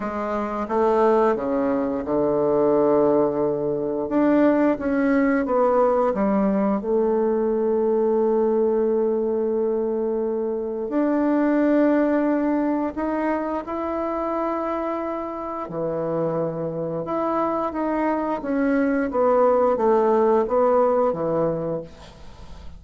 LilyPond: \new Staff \with { instrumentName = "bassoon" } { \time 4/4 \tempo 4 = 88 gis4 a4 cis4 d4~ | d2 d'4 cis'4 | b4 g4 a2~ | a1 |
d'2. dis'4 | e'2. e4~ | e4 e'4 dis'4 cis'4 | b4 a4 b4 e4 | }